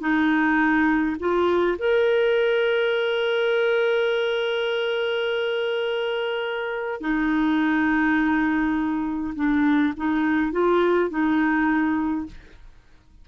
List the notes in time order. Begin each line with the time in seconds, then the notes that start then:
0.00 D#4
1.19 F4
1.78 A#4
7.01 D#4
9.35 D4
9.97 D#4
10.52 F4
11.10 D#4